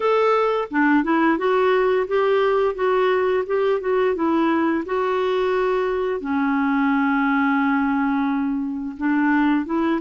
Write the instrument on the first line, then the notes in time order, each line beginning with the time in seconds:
clarinet
0.00 A4
0.71 D4
1.03 E4
1.38 F#4
2.07 G4
2.75 F#4
3.46 G4
3.80 F#4
4.15 E4
4.85 F#4
6.20 C#4
8.97 D4
9.66 E4